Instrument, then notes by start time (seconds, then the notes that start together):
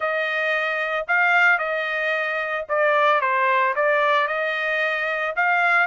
trumpet
0.00 D#5
1.07 F5
1.58 D#5
2.68 D5
3.20 C5
3.75 D5
4.27 D#5
5.35 F5